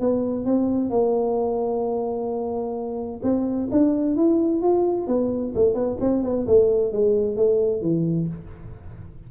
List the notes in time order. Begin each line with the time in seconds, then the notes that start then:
0.00 B3
0.45 C4
0.90 A#3
3.23 C4
3.71 D4
4.16 E4
4.62 F4
5.07 B3
5.55 A3
5.74 B3
6.00 C4
6.23 B3
6.47 A3
6.93 G#3
7.37 A3
7.82 E3